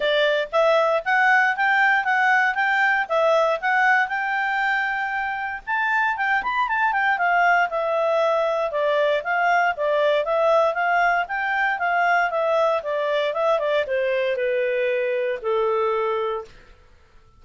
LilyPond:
\new Staff \with { instrumentName = "clarinet" } { \time 4/4 \tempo 4 = 117 d''4 e''4 fis''4 g''4 | fis''4 g''4 e''4 fis''4 | g''2. a''4 | g''8 b''8 a''8 g''8 f''4 e''4~ |
e''4 d''4 f''4 d''4 | e''4 f''4 g''4 f''4 | e''4 d''4 e''8 d''8 c''4 | b'2 a'2 | }